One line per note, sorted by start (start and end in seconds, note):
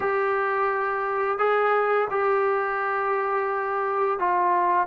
0.00 1.38 G4
1.38 2.08 G#4
2.10 4.19 G4
4.19 4.87 F4